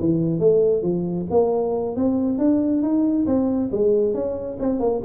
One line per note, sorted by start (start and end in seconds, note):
0.00 0.40 E3
0.40 0.82 A3
0.82 1.26 F3
1.30 1.96 A#3
1.96 2.38 C4
2.38 2.82 D4
2.82 3.26 D#4
3.26 3.70 C4
3.72 4.14 G#3
4.14 4.58 C#4
4.60 4.80 C4
4.80 5.01 A#3